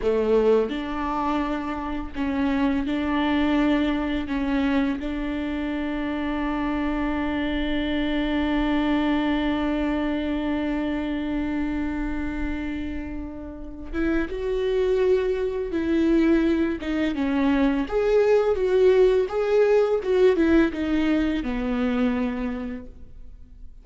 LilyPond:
\new Staff \with { instrumentName = "viola" } { \time 4/4 \tempo 4 = 84 a4 d'2 cis'4 | d'2 cis'4 d'4~ | d'1~ | d'1~ |
d'2.~ d'8 e'8 | fis'2 e'4. dis'8 | cis'4 gis'4 fis'4 gis'4 | fis'8 e'8 dis'4 b2 | }